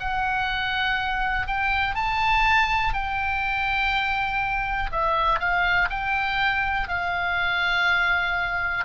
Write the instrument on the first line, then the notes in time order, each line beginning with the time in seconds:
oboe
0.00 F#5
1.48 G5
1.95 A5
2.94 G5
4.92 E5
5.40 F5
5.90 G5
6.89 F5